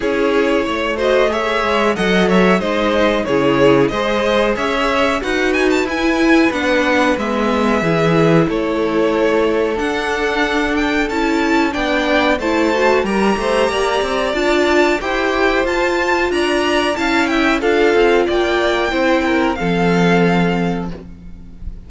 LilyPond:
<<
  \new Staff \with { instrumentName = "violin" } { \time 4/4 \tempo 4 = 92 cis''4. dis''8 e''4 fis''8 e''8 | dis''4 cis''4 dis''4 e''4 | fis''8 gis''16 a''16 gis''4 fis''4 e''4~ | e''4 cis''2 fis''4~ |
fis''8 g''8 a''4 g''4 a''4 | ais''2 a''4 g''4 | a''4 ais''4 a''8 g''8 f''4 | g''2 f''2 | }
  \new Staff \with { instrumentName = "violin" } { \time 4/4 gis'4 cis''8 c''8 cis''4 dis''8 cis''8 | c''4 gis'4 c''4 cis''4 | b'1 | gis'4 a'2.~ |
a'2 d''4 c''4 | ais'8 c''8 d''2 c''4~ | c''4 d''4 f''8 e''8 a'4 | d''4 c''8 ais'8 a'2 | }
  \new Staff \with { instrumentName = "viola" } { \time 4/4 e'4. fis'8 gis'4 a'4 | dis'4 e'4 gis'2 | fis'4 e'4 d'4 b4 | e'2. d'4~ |
d'4 e'4 d'4 e'8 fis'8 | g'2 f'4 g'4 | f'2 e'4 f'4~ | f'4 e'4 c'2 | }
  \new Staff \with { instrumentName = "cello" } { \time 4/4 cis'4 a4. gis8 fis4 | gis4 cis4 gis4 cis'4 | dis'4 e'4 b4 gis4 | e4 a2 d'4~ |
d'4 cis'4 b4 a4 | g8 a8 ais8 c'8 d'4 e'4 | f'4 d'4 cis'4 d'8 c'8 | ais4 c'4 f2 | }
>>